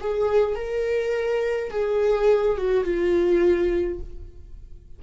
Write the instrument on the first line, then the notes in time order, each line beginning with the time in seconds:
viola
0.00 G#4
0.56 A#4
1.71 G#4
2.58 F#4
2.84 F4